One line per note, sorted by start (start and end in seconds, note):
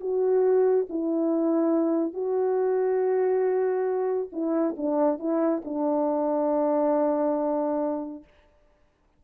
0.00 0.86 F#4
0.89 2.13 E4
2.13 4.29 F#4
4.32 4.75 E4
4.77 5.19 D4
5.19 5.62 E4
5.64 8.23 D4